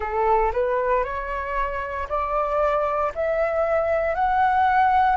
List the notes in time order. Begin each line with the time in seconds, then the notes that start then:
0.00 A4
0.52 B4
1.03 C#5
2.08 D5
3.14 E5
4.14 F#5